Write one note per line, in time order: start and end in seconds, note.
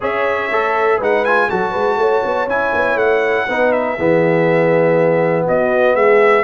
0.00 0.50 C#4
0.00 0.50 G#4
0.00 0.97 C#5
0.00 1.01 E5
0.50 0.98 A3
0.50 1.01 A4
0.97 1.48 G#3
0.97 1.25 D#4
0.97 1.47 B4
0.97 1.24 F#5
1.24 1.49 F4
1.24 1.49 G#5
1.48 1.74 F#3
1.48 2.48 F#4
1.48 1.71 A4
1.48 2.48 A5
1.71 1.96 G#3
1.71 1.96 B4
1.96 2.21 A3
1.96 3.48 C#5
2.24 2.46 B3
2.46 2.71 C#4
2.46 3.48 E4
2.46 2.97 G#5
2.73 2.95 B3
2.95 3.45 A3
2.95 3.71 F#5
3.48 3.97 B3
3.48 3.98 D#4
3.48 3.96 B4
3.71 5.45 E5
3.96 5.47 E3
3.96 6.43 B3
3.96 5.45 G#4
5.46 5.94 B3
5.46 5.95 F#4
5.46 5.95 D#5
5.94 6.43 G#3
5.94 6.43 G#4
5.94 6.43 E5